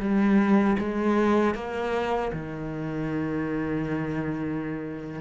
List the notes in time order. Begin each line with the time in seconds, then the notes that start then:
0.00 G3
0.79 G#3
1.55 A#3
2.33 D#3